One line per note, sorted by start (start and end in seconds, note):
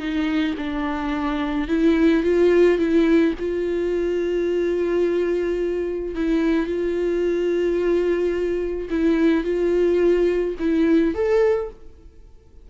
0.00 0.56 D#4
0.58 1.69 D4
1.69 2.23 E4
2.23 2.79 F4
2.79 3.34 E4
3.40 6.16 F4
6.16 6.67 E4
6.67 8.89 F4
8.91 9.45 E4
9.45 10.56 F4
10.60 11.15 E4
11.15 11.70 A4